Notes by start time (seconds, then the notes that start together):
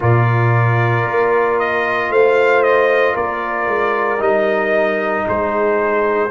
0.00 A#2 F4 A#4 D5
1.04 A#3
1.59 D#5
2.09 A3 C5 F5
2.62 D#5
3.14 A#3 A#4 D5
3.67 G#3
4.18 G3 D#4 D#5
5.25 G#3 G#4 C5